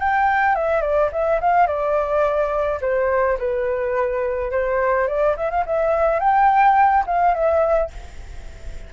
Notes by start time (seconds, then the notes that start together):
0.00 G5
0.56 E5
0.82 D5
1.12 E5
1.41 F5
1.67 D5
2.82 C5
3.39 B4
4.52 C5
5.08 D5
5.37 E5
5.51 F5
5.67 E5
6.20 G5
7.07 F5
7.34 E5